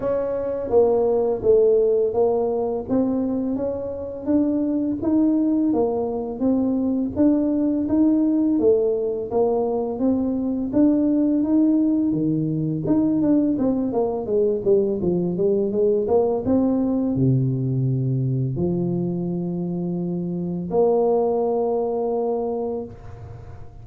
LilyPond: \new Staff \with { instrumentName = "tuba" } { \time 4/4 \tempo 4 = 84 cis'4 ais4 a4 ais4 | c'4 cis'4 d'4 dis'4 | ais4 c'4 d'4 dis'4 | a4 ais4 c'4 d'4 |
dis'4 dis4 dis'8 d'8 c'8 ais8 | gis8 g8 f8 g8 gis8 ais8 c'4 | c2 f2~ | f4 ais2. | }